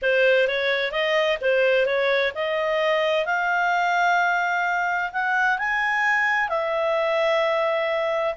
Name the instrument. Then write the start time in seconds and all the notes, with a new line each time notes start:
clarinet
0.02 C5
0.47 C#5
0.91 D#5
1.41 C5
1.86 C#5
2.34 D#5
3.25 F5
5.12 F#5
5.58 G#5
6.48 E5